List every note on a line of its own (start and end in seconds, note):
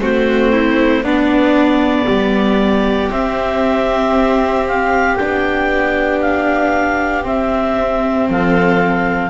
0.00 1.03 A3
0.00 1.03 C4
0.00 0.52 F#4
0.00 1.04 C5
0.52 1.03 E4
1.03 2.07 B3
1.03 3.10 B3
1.03 2.07 D4
1.03 3.11 D5
2.08 3.11 G3
2.08 8.28 G4
3.10 5.17 C4
3.10 5.19 C4
3.10 4.67 E5
4.67 5.16 F5
5.16 7.27 B3
5.16 7.23 D4
5.16 6.19 G5
6.21 7.24 F5
7.23 9.30 C4
7.23 8.28 C4
7.23 8.29 E5
8.28 9.30 F3
8.28 9.30 A4
8.28 9.30 F5